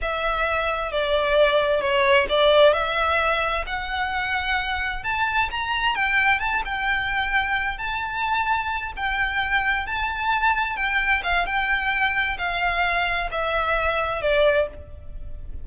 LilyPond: \new Staff \with { instrumentName = "violin" } { \time 4/4 \tempo 4 = 131 e''2 d''2 | cis''4 d''4 e''2 | fis''2. a''4 | ais''4 g''4 a''8 g''4.~ |
g''4 a''2~ a''8 g''8~ | g''4. a''2 g''8~ | g''8 f''8 g''2 f''4~ | f''4 e''2 d''4 | }